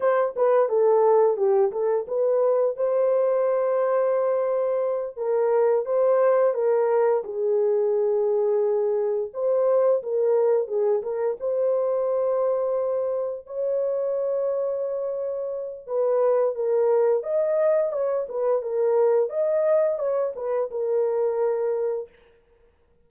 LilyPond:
\new Staff \with { instrumentName = "horn" } { \time 4/4 \tempo 4 = 87 c''8 b'8 a'4 g'8 a'8 b'4 | c''2.~ c''8 ais'8~ | ais'8 c''4 ais'4 gis'4.~ | gis'4. c''4 ais'4 gis'8 |
ais'8 c''2. cis''8~ | cis''2. b'4 | ais'4 dis''4 cis''8 b'8 ais'4 | dis''4 cis''8 b'8 ais'2 | }